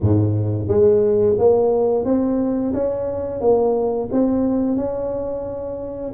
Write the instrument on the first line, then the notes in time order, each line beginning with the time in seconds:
tuba
0.00 G#2
0.68 G#3
1.38 A#3
2.05 C4
2.73 C#4
3.41 A#3
4.12 C4
4.76 C#4